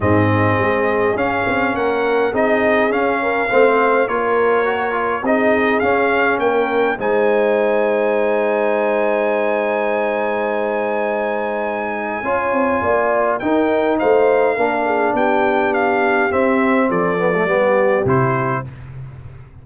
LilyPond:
<<
  \new Staff \with { instrumentName = "trumpet" } { \time 4/4 \tempo 4 = 103 dis''2 f''4 fis''4 | dis''4 f''2 cis''4~ | cis''4 dis''4 f''4 g''4 | gis''1~ |
gis''1~ | gis''2. g''4 | f''2 g''4 f''4 | e''4 d''2 c''4 | }
  \new Staff \with { instrumentName = "horn" } { \time 4/4 gis'2. ais'4 | gis'4. ais'8 c''4 ais'4~ | ais'4 gis'2 ais'4 | c''1~ |
c''1~ | c''4 cis''4 d''4 ais'4 | c''4 ais'8 gis'8 g'2~ | g'4 a'4 g'2 | }
  \new Staff \with { instrumentName = "trombone" } { \time 4/4 c'2 cis'2 | dis'4 cis'4 c'4 f'4 | fis'8 f'8 dis'4 cis'2 | dis'1~ |
dis'1~ | dis'4 f'2 dis'4~ | dis'4 d'2. | c'4. b16 a16 b4 e'4 | }
  \new Staff \with { instrumentName = "tuba" } { \time 4/4 gis,4 gis4 cis'8 c'8 ais4 | c'4 cis'4 a4 ais4~ | ais4 c'4 cis'4 ais4 | gis1~ |
gis1~ | gis4 cis'8 c'8 ais4 dis'4 | a4 ais4 b2 | c'4 f4 g4 c4 | }
>>